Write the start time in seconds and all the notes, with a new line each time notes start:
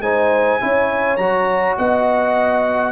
0.00 G#3 D#4 C5 G#5
0.60 C#4 E4 C#5
1.16 F#3 F#4 A#5
1.77 B3 D#5 F#5